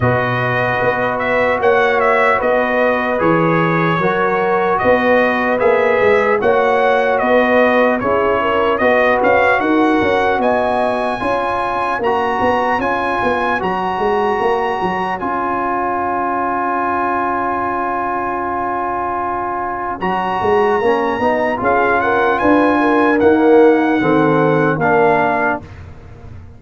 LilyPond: <<
  \new Staff \with { instrumentName = "trumpet" } { \time 4/4 \tempo 4 = 75 dis''4. e''8 fis''8 e''8 dis''4 | cis''2 dis''4 e''4 | fis''4 dis''4 cis''4 dis''8 f''8 | fis''4 gis''2 ais''4 |
gis''4 ais''2 gis''4~ | gis''1~ | gis''4 ais''2 f''8 fis''8 | gis''4 fis''2 f''4 | }
  \new Staff \with { instrumentName = "horn" } { \time 4/4 b'2 cis''4 b'4~ | b'4 ais'4 b'2 | cis''4 b'4 gis'8 ais'8 b'4 | ais'4 dis''4 cis''2~ |
cis''1~ | cis''1~ | cis''2. gis'8 ais'8 | b'8 ais'4. a'4 ais'4 | }
  \new Staff \with { instrumentName = "trombone" } { \time 4/4 fis'1 | gis'4 fis'2 gis'4 | fis'2 e'4 fis'4~ | fis'2 f'4 fis'4 |
f'4 fis'2 f'4~ | f'1~ | f'4 fis'4 cis'8 dis'8 f'4~ | f'4 ais4 c'4 d'4 | }
  \new Staff \with { instrumentName = "tuba" } { \time 4/4 b,4 b4 ais4 b4 | e4 fis4 b4 ais8 gis8 | ais4 b4 cis'4 b8 cis'8 | dis'8 cis'8 b4 cis'4 ais8 b8 |
cis'8 b8 fis8 gis8 ais8 fis8 cis'4~ | cis'1~ | cis'4 fis8 gis8 ais8 b8 cis'4 | d'4 dis'4 dis4 ais4 | }
>>